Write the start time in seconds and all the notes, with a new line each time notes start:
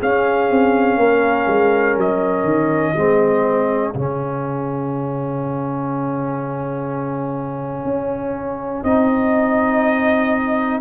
0.00 C#4 G#4 F5
0.50 C4
0.97 A#3 A#4
1.47 G#3
1.97 F#3 D#5
2.44 D#3
2.95 G#3 C4 G#4
3.94 C#3 C#4 F5
7.84 C#4
8.83 C4 D#4 D#5